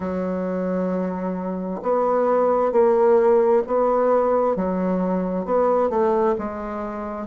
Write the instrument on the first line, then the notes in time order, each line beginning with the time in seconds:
bassoon
0.00 F#3
1.82 B3
2.71 A#3
3.67 B3
4.56 F#3
5.45 B3
5.89 A3
6.38 G#3